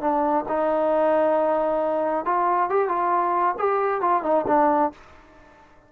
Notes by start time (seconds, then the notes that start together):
0.00 D4
0.48 D#4
2.25 F4
2.69 G4
2.88 F4
3.58 G4
4.01 F4
4.23 D#4
4.47 D4